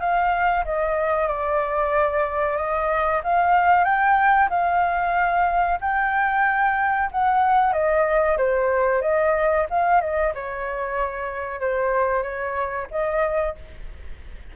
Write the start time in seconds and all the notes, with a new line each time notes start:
0.00 F5
0.65 D#5
1.28 D5
2.57 D#5
3.24 F5
3.84 G5
4.50 F5
5.81 G5
7.11 F#5
7.72 D#5
8.37 C5
9.02 D#5
9.70 F5
10.01 D#5
10.34 C#5
11.60 C5
12.23 C#5
12.91 D#5